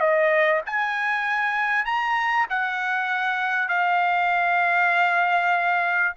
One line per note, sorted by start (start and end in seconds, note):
0.00 0.61 D#5
0.66 1.85 G#5
1.85 2.47 A#5
2.50 3.68 F#5
3.68 6.13 F5